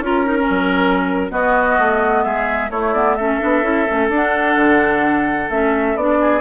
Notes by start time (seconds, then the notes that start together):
0.00 C#4 F4 A#4
0.26 D#4
0.38 C#4
0.49 F#3
1.30 B3 F#4 D#5
1.78 A3
2.23 G#3 G#4 E5
2.70 A3 E4 C#5
2.93 B3 D5
3.14 C#4 A4 E5
3.40 B3 D4
3.63 C#4 E4
3.86 A3 C#4
4.09 D4 F#5
4.55 D3
5.49 A3 C#4 E5
5.95 B3 D4 D5
6.21 G#4